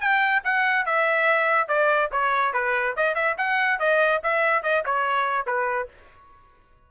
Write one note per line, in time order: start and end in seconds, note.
0.00 0.42 G5
0.43 0.85 F#5
0.85 1.68 E5
1.68 2.10 D5
2.11 2.53 C#5
2.53 2.95 B4
2.96 3.14 D#5
3.14 3.35 E5
3.37 3.79 F#5
3.79 4.21 D#5
4.23 4.62 E5
4.62 4.83 D#5
4.85 5.46 C#5
5.46 5.88 B4